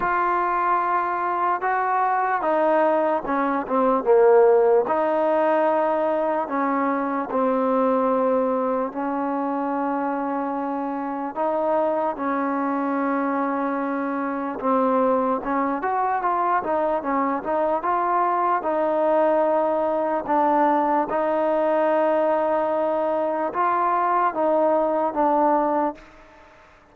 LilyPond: \new Staff \with { instrumentName = "trombone" } { \time 4/4 \tempo 4 = 74 f'2 fis'4 dis'4 | cis'8 c'8 ais4 dis'2 | cis'4 c'2 cis'4~ | cis'2 dis'4 cis'4~ |
cis'2 c'4 cis'8 fis'8 | f'8 dis'8 cis'8 dis'8 f'4 dis'4~ | dis'4 d'4 dis'2~ | dis'4 f'4 dis'4 d'4 | }